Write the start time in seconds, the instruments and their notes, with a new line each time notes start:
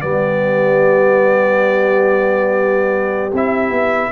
0.00 tuba G3, trombone B3, horn G4, trumpet D5
3.32 tuba C4, trombone E4, trumpet E5
3.70 tuba B3